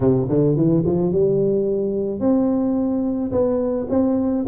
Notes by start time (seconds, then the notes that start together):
0.00 C3
0.28 D3
0.56 E3
0.85 F3
1.11 G3
2.19 C4
3.31 B3
3.89 C4